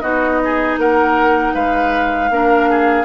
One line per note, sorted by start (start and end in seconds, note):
0.00 0.77 B3
0.00 2.30 D#4
0.00 0.40 F#4
0.00 0.76 D#5
0.44 0.79 G#4
0.77 1.53 A#3
0.77 1.53 A#4
0.77 1.54 F#5
1.53 2.29 G#3
1.53 2.29 B4
1.53 3.04 F5
2.29 3.04 A#3
2.29 3.04 D4
2.29 2.69 A#4
2.69 3.04 G#4